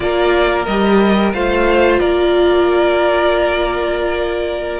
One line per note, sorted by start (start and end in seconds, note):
0.00 0.66 A#3
0.00 0.66 F4
0.00 1.34 A#4
0.00 0.65 D5
0.66 1.33 G3
0.66 1.34 G4
0.66 1.32 D#5
1.33 2.00 A3
1.33 4.79 F4
1.33 2.00 C5
1.33 1.99 F5
1.99 4.79 A#3
1.99 4.79 A#4
1.99 4.79 D5